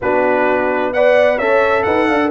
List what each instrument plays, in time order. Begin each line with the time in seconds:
0.01 tuba B3, trombone D4, horn F#4, trumpet B4
0.93 trombone B4, horn D5, trumpet F#5
1.37 tuba C#4, trombone A4, horn C#5, trumpet E5
1.83 tuba D#4, horn B4, trumpet F#5
2.07 tuba D4, horn F5
2.23 horn A#4